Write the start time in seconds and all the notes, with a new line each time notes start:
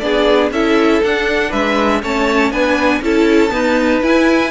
0.00 B3 D4 G#4 D5
0.51 C#4 E4 A4 E5
1.04 D4 F#5
1.49 G#3 B4 E5
2.03 A3 C#4 C#5 A5
2.51 B3 D4 B4 G#5
3.01 C#4 E4 A4 A5
3.50 B3 D#4 B4
4.03 E4 G#5